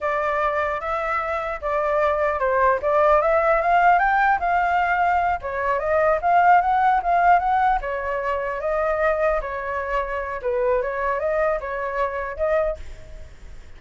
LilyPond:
\new Staff \with { instrumentName = "flute" } { \time 4/4 \tempo 4 = 150 d''2 e''2 | d''2 c''4 d''4 | e''4 f''4 g''4 f''4~ | f''4. cis''4 dis''4 f''8~ |
f''8 fis''4 f''4 fis''4 cis''8~ | cis''4. dis''2 cis''8~ | cis''2 b'4 cis''4 | dis''4 cis''2 dis''4 | }